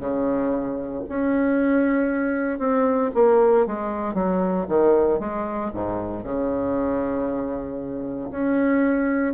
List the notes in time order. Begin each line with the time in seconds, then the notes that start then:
0.00 C#3
1.09 C#4
2.59 C4
3.15 A#3
3.67 G#3
4.14 F#3
4.69 D#3
5.20 G#3
5.74 G#2
6.24 C#3
8.31 C#4